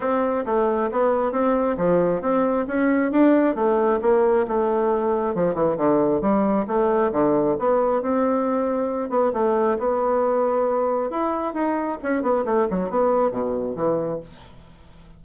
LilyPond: \new Staff \with { instrumentName = "bassoon" } { \time 4/4 \tempo 4 = 135 c'4 a4 b4 c'4 | f4 c'4 cis'4 d'4 | a4 ais4 a2 | f8 e8 d4 g4 a4 |
d4 b4 c'2~ | c'8 b8 a4 b2~ | b4 e'4 dis'4 cis'8 b8 | a8 fis8 b4 b,4 e4 | }